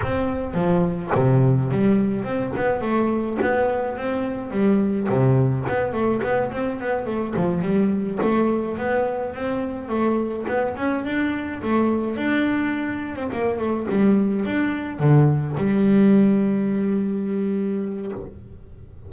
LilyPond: \new Staff \with { instrumentName = "double bass" } { \time 4/4 \tempo 4 = 106 c'4 f4 c4 g4 | c'8 b8 a4 b4 c'4 | g4 c4 b8 a8 b8 c'8 | b8 a8 f8 g4 a4 b8~ |
b8 c'4 a4 b8 cis'8 d'8~ | d'8 a4 d'4.~ d'16 c'16 ais8 | a8 g4 d'4 d4 g8~ | g1 | }